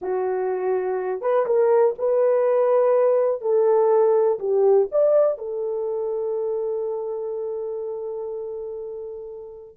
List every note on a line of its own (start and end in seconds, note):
0.01 1.21 F#4
1.21 1.45 B4
1.46 1.94 A#4
1.98 3.41 B4
3.41 4.39 A4
4.39 4.88 G4
4.91 5.37 D5
5.37 9.76 A4